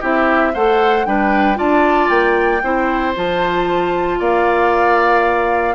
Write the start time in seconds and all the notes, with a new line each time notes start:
0.00 C4 E4 G4 E5
0.54 A3 A4 C5 F#5
1.05 G3 D4 B4 G5
1.55 D4 F4 D5 A5
2.09 A#3 G5
2.63 C4 E4 C5
3.15 F3 F4 A5
4.19 A#3 D5 F5